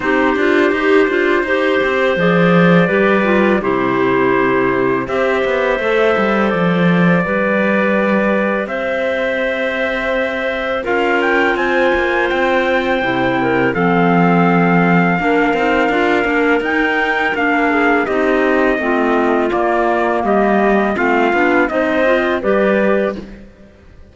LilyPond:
<<
  \new Staff \with { instrumentName = "trumpet" } { \time 4/4 \tempo 4 = 83 c''2. d''4~ | d''4 c''2 e''4~ | e''4 d''2. | e''2. f''8 g''8 |
gis''4 g''2 f''4~ | f''2. g''4 | f''4 dis''2 d''4 | dis''4 f''4 dis''4 d''4 | }
  \new Staff \with { instrumentName = "clarinet" } { \time 4/4 g'2 c''2 | b'4 g'2 c''4~ | c''2 b'2 | c''2. ais'4 |
c''2~ c''8 ais'8 a'4~ | a'4 ais'2.~ | ais'8 gis'8 g'4 f'2 | g'4 f'4 c''4 b'4 | }
  \new Staff \with { instrumentName = "clarinet" } { \time 4/4 dis'8 f'8 g'8 f'8 g'4 gis'4 | g'8 f'8 e'2 g'4 | a'2 g'2~ | g'2. f'4~ |
f'2 e'4 c'4~ | c'4 d'8 dis'8 f'8 d'8 dis'4 | d'4 dis'4 c'4 ais4~ | ais4 c'8 d'8 dis'8 f'8 g'4 | }
  \new Staff \with { instrumentName = "cello" } { \time 4/4 c'8 d'8 dis'8 d'8 dis'8 c'8 f4 | g4 c2 c'8 b8 | a8 g8 f4 g2 | c'2. cis'4 |
c'8 ais8 c'4 c4 f4~ | f4 ais8 c'8 d'8 ais8 dis'4 | ais4 c'4 a4 ais4 | g4 a8 b8 c'4 g4 | }
>>